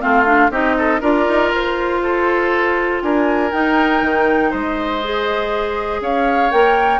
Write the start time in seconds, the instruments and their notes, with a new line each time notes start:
0.00 bassoon A3, clarinet C4, oboe F4, flute F5
0.26 clarinet D4
0.50 bassoon C4, clarinet D#4, oboe G4, flute D#5
0.78 oboe A4
1.01 bassoon D4, clarinet F4, oboe A#4, flute D5
1.28 bassoon D#4
1.51 bassoon F4, flute C5
2.03 oboe A4
3.02 bassoon D4, oboe A#4, flute G#5
3.52 clarinet D#4, bassoon D#4, flute G5
4.02 bassoon D#3
4.50 bassoon G#3, oboe C5, flute D#5
5.03 clarinet G#4
6.01 bassoon C#4, oboe C#5, flute F5
6.51 bassoon A#3, clarinet A#4, flute G5